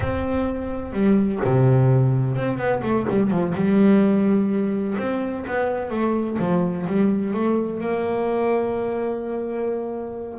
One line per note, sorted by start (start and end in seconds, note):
0.00 0.92 C4
0.92 1.40 G3
1.44 2.36 C3
2.36 2.57 C4
2.57 2.81 B3
2.82 3.06 A3
3.09 3.30 G3
3.30 3.53 F3
3.55 4.96 G3
4.98 5.45 C4
5.47 5.90 B3
5.90 6.37 A3
6.38 6.86 F3
6.86 7.33 G3
7.33 7.80 A3
7.80 10.39 A#3